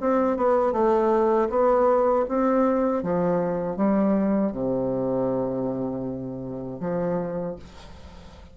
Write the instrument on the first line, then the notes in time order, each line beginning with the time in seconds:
bassoon
0.00 C4
0.37 B3
0.72 A3
1.49 B3
2.28 C4
3.02 F3
3.76 G3
4.52 C3
6.80 F3